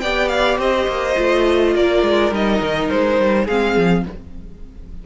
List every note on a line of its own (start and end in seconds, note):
0.00 0.58 B3
0.00 1.16 G4
0.00 0.58 D5
0.00 0.28 G5
0.28 0.57 F5
0.58 0.87 C4
0.58 1.74 C5
0.58 1.76 D#5
0.87 1.16 A#3
1.16 1.75 A3
1.16 2.32 F4
1.75 2.03 A#3
1.75 3.44 A#4
1.75 2.33 D5
2.03 2.31 G#3
2.31 2.60 G3
2.31 3.47 D#4
2.31 2.90 D#5
2.61 2.90 D#3
2.90 3.19 G#3
2.90 3.47 C5
3.19 3.48 G3
3.44 3.77 G#3
3.44 4.06 C4
3.44 4.02 G#4
3.44 4.05 F5
3.77 4.05 F3